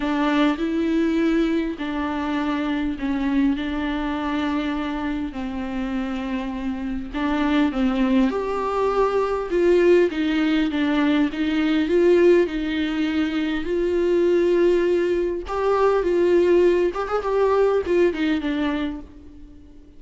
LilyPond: \new Staff \with { instrumentName = "viola" } { \time 4/4 \tempo 4 = 101 d'4 e'2 d'4~ | d'4 cis'4 d'2~ | d'4 c'2. | d'4 c'4 g'2 |
f'4 dis'4 d'4 dis'4 | f'4 dis'2 f'4~ | f'2 g'4 f'4~ | f'8 g'16 gis'16 g'4 f'8 dis'8 d'4 | }